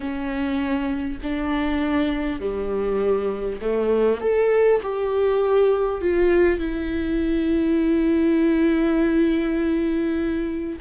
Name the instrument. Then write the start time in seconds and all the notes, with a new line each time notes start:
viola
0.00 C#4
1.23 D4
2.40 G3
3.61 A3
4.21 A4
4.82 G4
6.01 F4
6.59 E4